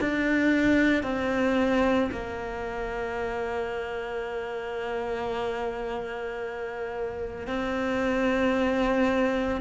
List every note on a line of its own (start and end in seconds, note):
0.00 1.03 D4
1.03 2.10 C4
2.11 7.47 A#3
7.47 9.61 C4